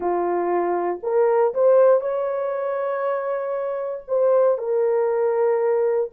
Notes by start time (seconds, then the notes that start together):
0.00 F4
1.02 A#4
1.54 C5
2.00 C#5
4.07 C5
4.57 A#4